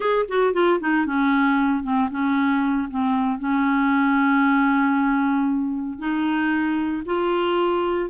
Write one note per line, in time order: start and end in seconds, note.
0.00 0.26 G#4
0.28 0.53 F#4
0.53 0.79 F4
0.80 1.06 D#4
1.06 1.83 C#4
1.83 2.09 C4
2.10 2.88 C#4
2.90 3.38 C4
3.38 5.99 C#4
5.99 7.03 D#4
7.05 8.10 F4